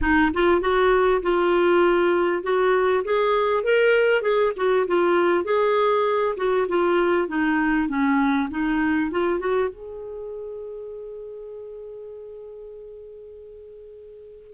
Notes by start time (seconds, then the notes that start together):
0.01 D#4
0.33 F4
0.61 F#4
1.22 F4
2.43 F#4
3.04 G#4
3.63 A#4
4.21 G#4
4.56 F#4
4.87 F4
5.44 G#4
6.36 F#4
6.68 F4
7.28 D#4
7.88 C#4
8.50 D#4
9.11 F4
9.39 F#4
9.69 G#4